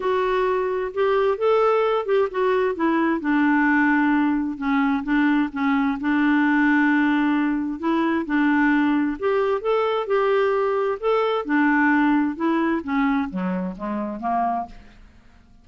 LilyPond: \new Staff \with { instrumentName = "clarinet" } { \time 4/4 \tempo 4 = 131 fis'2 g'4 a'4~ | a'8 g'8 fis'4 e'4 d'4~ | d'2 cis'4 d'4 | cis'4 d'2.~ |
d'4 e'4 d'2 | g'4 a'4 g'2 | a'4 d'2 e'4 | cis'4 fis4 gis4 ais4 | }